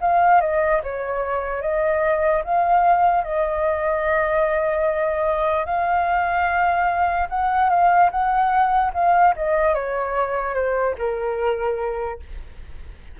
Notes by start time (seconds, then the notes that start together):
0.00 F5
0.41 D#5
0.83 C#5
1.61 D#5
2.44 F5
3.24 D#5
5.65 F5
7.29 F#5
7.69 F5
8.11 F#5
8.93 F5
9.35 D#5
9.74 C#5
10.54 C5
10.98 A#4